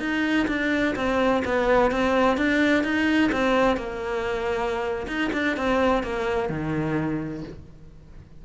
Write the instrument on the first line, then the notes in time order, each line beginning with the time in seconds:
cello
0.00 D#4
0.48 D4
0.96 C4
1.45 B3
1.92 C4
2.38 D4
2.84 D#4
3.32 C4
3.77 A#3
5.07 D#4
5.33 D4
5.57 C4
6.03 A#3
6.49 D#3